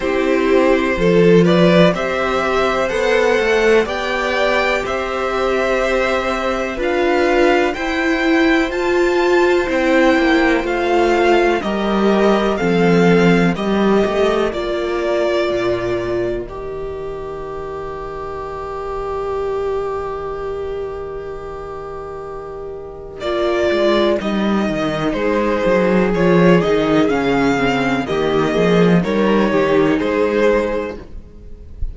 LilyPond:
<<
  \new Staff \with { instrumentName = "violin" } { \time 4/4 \tempo 4 = 62 c''4. d''8 e''4 fis''4 | g''4 e''2 f''4 | g''4 a''4 g''4 f''4 | dis''4 f''4 dis''4 d''4~ |
d''4 dis''2.~ | dis''1 | d''4 dis''4 c''4 cis''8 dis''8 | f''4 dis''4 cis''4 c''4 | }
  \new Staff \with { instrumentName = "violin" } { \time 4/4 g'4 a'8 b'8 c''2 | d''4 c''2 b'4 | c''1 | ais'4 a'4 ais'2~ |
ais'1~ | ais'1~ | ais'2 gis'2~ | gis'4 g'8 gis'8 ais'8 g'8 gis'4 | }
  \new Staff \with { instrumentName = "viola" } { \time 4/4 e'4 f'4 g'4 a'4 | g'2. f'4 | e'4 f'4 e'4 f'4 | g'4 c'4 g'4 f'4~ |
f'4 g'2.~ | g'1 | f'4 dis'2 f'8 dis'8 | cis'8 c'8 ais4 dis'2 | }
  \new Staff \with { instrumentName = "cello" } { \time 4/4 c'4 f4 c'4 b8 a8 | b4 c'2 d'4 | e'4 f'4 c'8 ais8 a4 | g4 f4 g8 a8 ais4 |
ais,4 dis2.~ | dis1 | ais8 gis8 g8 dis8 gis8 fis8 f8 dis8 | cis4 dis8 f8 g8 dis8 gis4 | }
>>